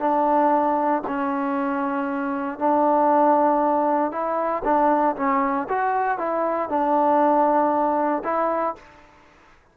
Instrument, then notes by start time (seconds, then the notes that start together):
trombone
0.00 D4
1.08 C#4
2.59 D4
4.12 E4
4.65 D4
5.17 C#4
5.69 F#4
6.18 E4
6.69 D4
8.24 E4